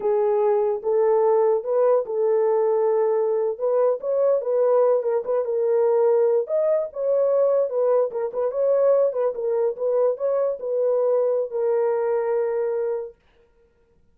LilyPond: \new Staff \with { instrumentName = "horn" } { \time 4/4 \tempo 4 = 146 gis'2 a'2 | b'4 a'2.~ | a'8. b'4 cis''4 b'4~ b'16~ | b'16 ais'8 b'8 ais'2~ ais'8 dis''16~ |
dis''8. cis''2 b'4 ais'16~ | ais'16 b'8 cis''4. b'8 ais'4 b'16~ | b'8. cis''4 b'2~ b'16 | ais'1 | }